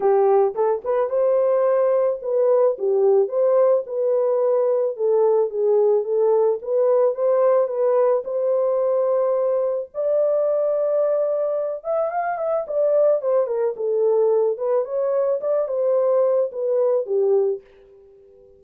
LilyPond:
\new Staff \with { instrumentName = "horn" } { \time 4/4 \tempo 4 = 109 g'4 a'8 b'8 c''2 | b'4 g'4 c''4 b'4~ | b'4 a'4 gis'4 a'4 | b'4 c''4 b'4 c''4~ |
c''2 d''2~ | d''4. e''8 f''8 e''8 d''4 | c''8 ais'8 a'4. b'8 cis''4 | d''8 c''4. b'4 g'4 | }